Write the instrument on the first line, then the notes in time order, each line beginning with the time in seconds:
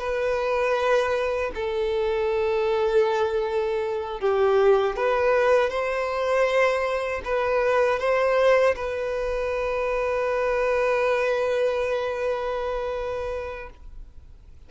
violin
0.00 B4
1.55 A4
4.20 G4
4.97 B4
5.70 C5
7.25 B4
8.00 C5
8.77 B4